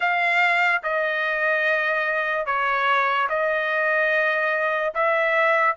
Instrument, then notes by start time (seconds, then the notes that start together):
trumpet
0.00 F5
0.83 D#5
2.45 C#5
3.29 D#5
4.94 E5